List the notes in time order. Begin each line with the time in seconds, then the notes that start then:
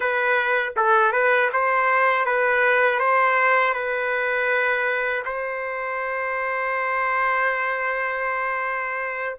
0.00 B4
0.76 A4
1.12 B4
1.52 C5
2.25 B4
2.99 C5
3.73 B4
5.25 C5